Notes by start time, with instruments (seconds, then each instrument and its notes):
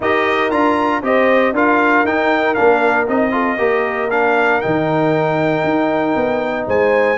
0.00 tuba D#4, trombone G4, horn A#4, trumpet D#5
0.50 tuba D4, trombone F4, trumpet A#5
1.02 tuba C4, trombone G4, horn C5, trumpet D#5
1.52 tuba D4, trombone F4, horn A#4, trumpet F5
2.04 tuba D#4, trombone D#4, trumpet G5
2.54 tuba A#3, trombone D4, trumpet F5
3.07 tuba C4, trombone D#4, trumpet D#5
3.31 trombone F4, horn A4
3.57 tuba A#3, trombone G4, horn A#4
4.10 trombone D4, trumpet F5
4.61 tuba D#3, trombone D#4, trumpet G5
5.63 tuba D#4
6.15 tuba B3
6.50 horn D#5
6.67 tuba G#3, horn C5, trumpet G#5